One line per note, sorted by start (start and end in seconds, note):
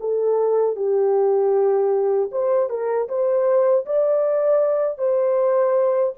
0.00 0.76 A4
0.76 2.30 G4
2.31 2.70 C5
2.70 3.08 A#4
3.08 3.85 C5
3.86 4.98 D5
4.98 6.14 C5